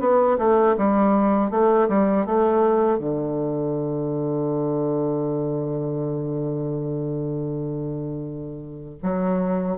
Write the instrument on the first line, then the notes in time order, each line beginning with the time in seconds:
bassoon
0.00 B3
0.38 A3
0.77 G3
1.50 A3
1.89 G3
2.26 A3
2.99 D3
9.02 F#3